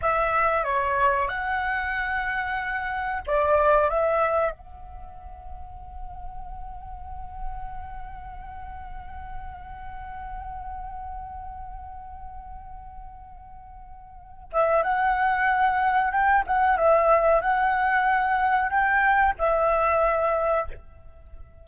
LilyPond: \new Staff \with { instrumentName = "flute" } { \time 4/4 \tempo 4 = 93 e''4 cis''4 fis''2~ | fis''4 d''4 e''4 fis''4~ | fis''1~ | fis''1~ |
fis''1~ | fis''2~ fis''8 e''8 fis''4~ | fis''4 g''8 fis''8 e''4 fis''4~ | fis''4 g''4 e''2 | }